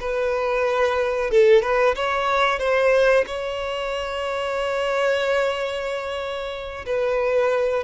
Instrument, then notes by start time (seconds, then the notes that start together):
violin
0.00 B4
1.30 A4
1.62 B4
1.95 C#5
2.59 C5
3.27 C#5
6.86 B4